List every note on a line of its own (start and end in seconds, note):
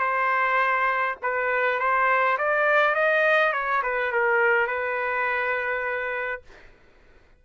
0.00 1.16 C5
1.23 1.80 B4
1.80 2.38 C5
2.39 2.95 D5
2.95 3.53 D#5
3.53 3.83 C#5
3.83 4.12 B4
4.12 4.68 A#4
4.68 6.43 B4